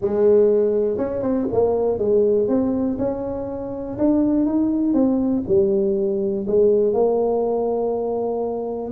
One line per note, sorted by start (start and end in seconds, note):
0.01 0.97 G#3
0.97 1.22 C#4
1.22 1.47 C4
1.52 1.98 A#3
1.98 2.48 G#3
2.48 2.97 C4
2.98 3.97 C#4
3.98 4.46 D4
4.46 4.93 D#4
4.93 5.43 C4
5.47 6.46 G3
6.47 6.93 G#3
6.93 8.91 A#3